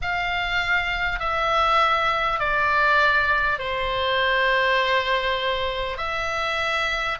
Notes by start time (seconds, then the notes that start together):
0.01 F5
1.19 E5
2.39 D5
3.58 C5
5.97 E5